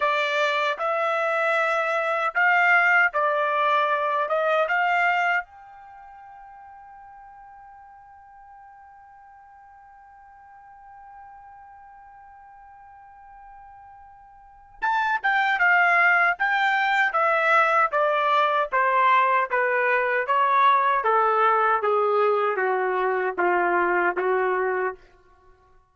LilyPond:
\new Staff \with { instrumentName = "trumpet" } { \time 4/4 \tempo 4 = 77 d''4 e''2 f''4 | d''4. dis''8 f''4 g''4~ | g''1~ | g''1~ |
g''2. a''8 g''8 | f''4 g''4 e''4 d''4 | c''4 b'4 cis''4 a'4 | gis'4 fis'4 f'4 fis'4 | }